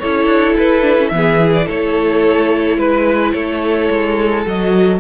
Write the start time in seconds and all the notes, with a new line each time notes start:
0.00 C#4 E4 A4 C#5
0.26 D4
0.58 E4 B4
0.83 D4
0.98 C#4
1.08 E3 B3 E5
1.17 G#4
1.41 E4
1.54 D5
1.66 A3 A4 C#5
2.78 G#3 B4
3.33 A3 A4 C#5
3.90 G#3
4.46 F#3 F#4 D#5